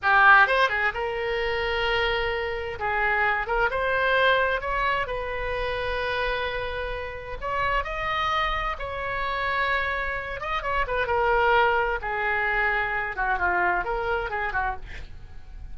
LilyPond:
\new Staff \with { instrumentName = "oboe" } { \time 4/4 \tempo 4 = 130 g'4 c''8 gis'8 ais'2~ | ais'2 gis'4. ais'8 | c''2 cis''4 b'4~ | b'1 |
cis''4 dis''2 cis''4~ | cis''2~ cis''8 dis''8 cis''8 b'8 | ais'2 gis'2~ | gis'8 fis'8 f'4 ais'4 gis'8 fis'8 | }